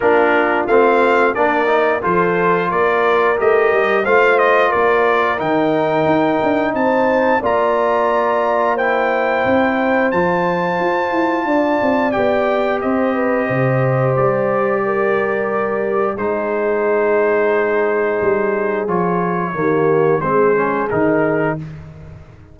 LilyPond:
<<
  \new Staff \with { instrumentName = "trumpet" } { \time 4/4 \tempo 4 = 89 ais'4 f''4 d''4 c''4 | d''4 dis''4 f''8 dis''8 d''4 | g''2 a''4 ais''4~ | ais''4 g''2 a''4~ |
a''2 g''4 dis''4~ | dis''4 d''2. | c''1 | cis''2 c''4 ais'4 | }
  \new Staff \with { instrumentName = "horn" } { \time 4/4 f'2 ais'4 a'4 | ais'2 c''4 ais'4~ | ais'2 c''4 d''4~ | d''4 c''2.~ |
c''4 d''2 c''8 b'8 | c''2 ais'2 | gis'1~ | gis'4 g'4 gis'2 | }
  \new Staff \with { instrumentName = "trombone" } { \time 4/4 d'4 c'4 d'8 dis'8 f'4~ | f'4 g'4 f'2 | dis'2. f'4~ | f'4 e'2 f'4~ |
f'2 g'2~ | g'1 | dis'1 | f'4 ais4 c'8 cis'8 dis'4 | }
  \new Staff \with { instrumentName = "tuba" } { \time 4/4 ais4 a4 ais4 f4 | ais4 a8 g8 a4 ais4 | dis4 dis'8 d'8 c'4 ais4~ | ais2 c'4 f4 |
f'8 e'8 d'8 c'8 b4 c'4 | c4 g2. | gis2. g4 | f4 dis4 gis4 dis4 | }
>>